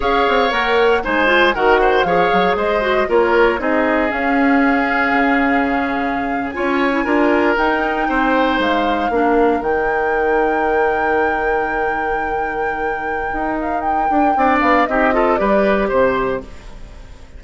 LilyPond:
<<
  \new Staff \with { instrumentName = "flute" } { \time 4/4 \tempo 4 = 117 f''4 fis''4 gis''4 fis''4 | f''4 dis''4 cis''4 dis''4 | f''1~ | f''8. gis''2 g''4~ g''16~ |
g''8. f''2 g''4~ g''16~ | g''1~ | g''2~ g''8 f''8 g''4~ | g''8 f''8 dis''4 d''4 c''4 | }
  \new Staff \with { instrumentName = "oboe" } { \time 4/4 cis''2 c''4 ais'8 c''8 | cis''4 c''4 ais'4 gis'4~ | gis'1~ | gis'8. cis''4 ais'2 c''16~ |
c''4.~ c''16 ais'2~ ais'16~ | ais'1~ | ais'1 | d''4 g'8 a'8 b'4 c''4 | }
  \new Staff \with { instrumentName = "clarinet" } { \time 4/4 gis'4 ais'4 dis'8 f'8 fis'4 | gis'4. fis'8 f'4 dis'4 | cis'1~ | cis'8. f'8. e'16 f'4 dis'4~ dis'16~ |
dis'4.~ dis'16 d'4 dis'4~ dis'16~ | dis'1~ | dis'1 | d'4 dis'8 f'8 g'2 | }
  \new Staff \with { instrumentName = "bassoon" } { \time 4/4 cis'8 c'8 ais4 gis4 dis4 | f8 fis8 gis4 ais4 c'4 | cis'2 cis2~ | cis8. cis'4 d'4 dis'4 c'16~ |
c'8. gis4 ais4 dis4~ dis16~ | dis1~ | dis2 dis'4. d'8 | c'8 b8 c'4 g4 c4 | }
>>